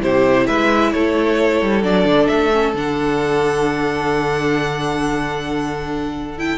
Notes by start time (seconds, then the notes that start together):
0.00 C3 E4 G4 C5
0.47 G#3 B4 E5
0.92 A3 A4 C#5
1.61 G3
1.83 F#3 D4 D5
2.05 D3
2.27 A3 E5
2.52 C#4
2.74 D3 D4 F#5
6.38 E4 G5